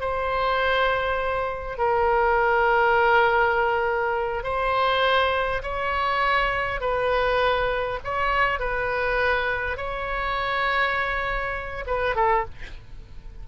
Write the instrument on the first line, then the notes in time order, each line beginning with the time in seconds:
oboe
0.00 C5
1.77 A#4
4.43 C5
5.62 C#5
6.80 B4
8.04 C#5
8.59 B4
9.77 C#5
11.86 B4
12.15 A4